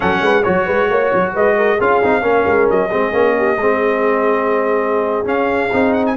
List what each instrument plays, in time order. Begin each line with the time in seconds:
0.00 tuba F#3, trombone C#4, horn A4, trumpet F#5
0.21 tuba G#3, horn B4
0.43 tuba F#3, trombone F#4, trumpet C#5, horn C#5
0.66 tuba G#3, horn B4
0.90 tuba A#3, horn C#5
1.13 tuba F#3
1.33 tuba G#3, horn B4, trumpet D#5
1.57 horn A#4
1.78 tuba C#4, trombone F4, horn G#4, trumpet F5
2.02 tuba C4, trombone D#4
2.21 tuba A#3, trombone C#4, horn A#4
2.46 tuba G#3
2.70 tuba F#3, trumpet D#5
2.89 tuba G#3, trombone C4, horn G#4
3.12 tuba A#3, trombone C#4
3.37 horn G4
3.56 tuba G#3, trombone C4, horn G#4
5.24 trombone C#4, tuba C#4, trumpet F5
5.72 tuba C4, trombone D#4
5.93 trumpet F#5
6.06 trumpet G#5